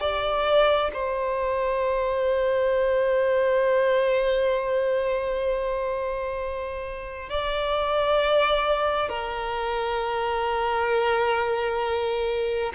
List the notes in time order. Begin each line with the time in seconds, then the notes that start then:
0.00 D5
0.93 C5
7.29 D5
9.09 A#4